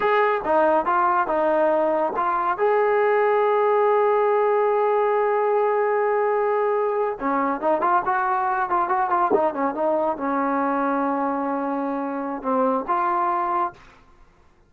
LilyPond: \new Staff \with { instrumentName = "trombone" } { \time 4/4 \tempo 4 = 140 gis'4 dis'4 f'4 dis'4~ | dis'4 f'4 gis'2~ | gis'1~ | gis'1~ |
gis'8. cis'4 dis'8 f'8 fis'4~ fis'16~ | fis'16 f'8 fis'8 f'8 dis'8 cis'8 dis'4 cis'16~ | cis'1~ | cis'4 c'4 f'2 | }